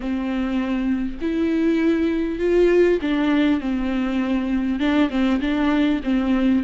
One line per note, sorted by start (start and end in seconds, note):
0.00 1.18 C4
1.21 2.39 E4
2.39 2.99 F4
3.01 3.60 D4
3.60 4.79 C4
4.79 5.09 D4
5.10 5.40 C4
5.40 6.00 D4
6.03 6.63 C4